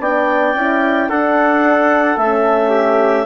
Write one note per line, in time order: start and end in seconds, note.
0.00 0.55 B3
0.00 0.56 D4
0.00 1.10 D5
0.00 1.10 G5
0.55 1.09 C#4
0.55 1.11 E4
1.10 2.17 D4
1.10 2.20 D4
1.10 2.70 A4
1.10 2.18 F#5
2.17 3.26 A3
2.17 3.27 C#4
2.17 3.27 E5
2.70 3.25 G4